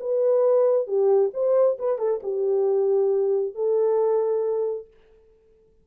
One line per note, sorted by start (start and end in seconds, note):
0.00 0.87 B4
0.87 1.32 G4
1.34 1.78 C5
1.79 1.99 B4
1.99 2.21 A4
2.23 3.55 G4
3.55 4.87 A4